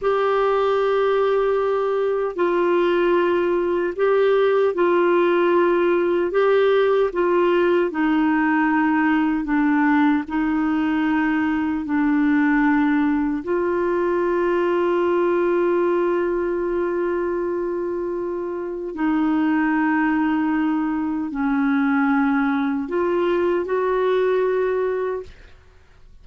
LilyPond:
\new Staff \with { instrumentName = "clarinet" } { \time 4/4 \tempo 4 = 76 g'2. f'4~ | f'4 g'4 f'2 | g'4 f'4 dis'2 | d'4 dis'2 d'4~ |
d'4 f'2.~ | f'1 | dis'2. cis'4~ | cis'4 f'4 fis'2 | }